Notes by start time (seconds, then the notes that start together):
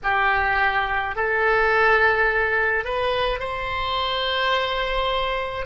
0.03 G4
1.15 A4
2.84 B4
3.40 C5